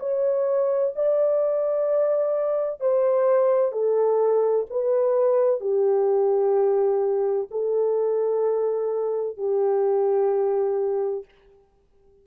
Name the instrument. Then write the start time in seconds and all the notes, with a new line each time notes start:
horn
0.00 C#5
0.96 D5
2.80 C5
3.72 A4
4.70 B4
5.61 G4
7.51 A4
9.37 G4